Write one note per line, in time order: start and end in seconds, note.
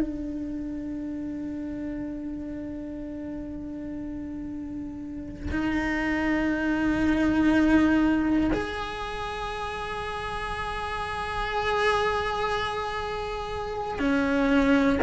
0.00 5.50 D4
5.51 8.51 D#4
8.53 13.99 G#4
13.99 14.99 C#4